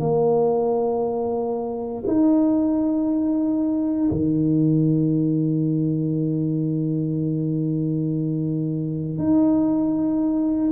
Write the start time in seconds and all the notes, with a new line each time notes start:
0.00 A#3
2.07 D#4
4.11 D#3
9.18 D#4